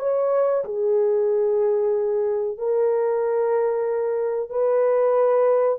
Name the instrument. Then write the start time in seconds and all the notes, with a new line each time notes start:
horn
0.00 C#5
0.65 G#4
2.58 A#4
4.50 B4